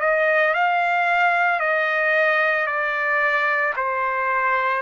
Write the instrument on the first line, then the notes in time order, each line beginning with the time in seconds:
trumpet
0.00 D#5
0.54 F5
1.59 D#5
2.66 D5
3.76 C5